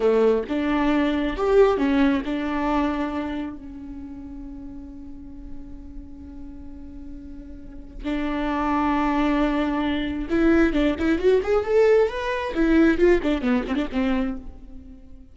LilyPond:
\new Staff \with { instrumentName = "viola" } { \time 4/4 \tempo 4 = 134 a4 d'2 g'4 | cis'4 d'2. | cis'1~ | cis'1~ |
cis'2 d'2~ | d'2. e'4 | d'8 e'8 fis'8 gis'8 a'4 b'4 | e'4 f'8 d'8 b8 c'16 d'16 c'4 | }